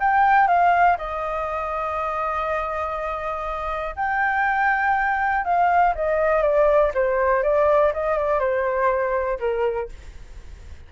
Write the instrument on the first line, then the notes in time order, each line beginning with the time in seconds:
flute
0.00 G5
0.48 F5
0.98 D#5
3.96 G5
5.45 F5
5.95 D#5
6.42 D5
6.94 C5
7.43 D5
7.94 D#5
8.18 D5
8.40 C5
9.40 A#4